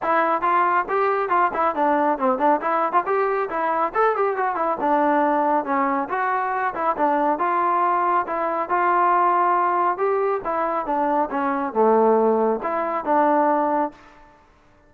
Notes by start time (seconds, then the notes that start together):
0.02 E4
0.41 F4
0.88 G4
1.29 F4
1.53 E4
1.75 D4
2.18 C4
2.38 D4
2.61 E4
2.92 F4
3.06 G4
3.49 E4
3.94 A4
4.16 G4
4.36 F#4
4.55 E4
4.80 D4
5.64 C#4
6.08 F#4
6.74 E4
6.96 D4
7.39 F4
8.26 E4
8.69 F4
9.97 G4
10.44 E4
10.86 D4
11.30 C#4
11.73 A3
12.62 E4
13.04 D4